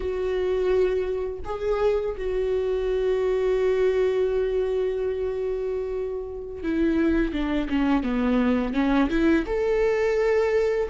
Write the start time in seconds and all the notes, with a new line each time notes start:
0.00 F#4
1.44 G#4
2.17 F#4
6.63 E4
7.32 D4
7.69 C#4
8.03 B3
8.73 C#4
9.09 E4
9.46 A4